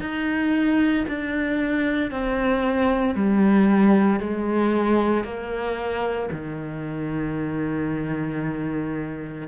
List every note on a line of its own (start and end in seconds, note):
0.00 1.05 D#4
1.08 2.11 D4
2.11 3.15 C4
3.15 4.20 G3
4.20 5.24 G#3
5.24 6.30 A#3
6.32 9.48 D#3